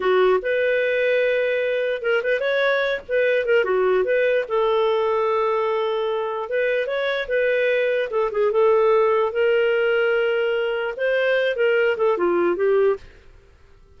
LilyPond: \new Staff \with { instrumentName = "clarinet" } { \time 4/4 \tempo 4 = 148 fis'4 b'2.~ | b'4 ais'8 b'8 cis''4. b'8~ | b'8 ais'8 fis'4 b'4 a'4~ | a'1 |
b'4 cis''4 b'2 | a'8 gis'8 a'2 ais'4~ | ais'2. c''4~ | c''8 ais'4 a'8 f'4 g'4 | }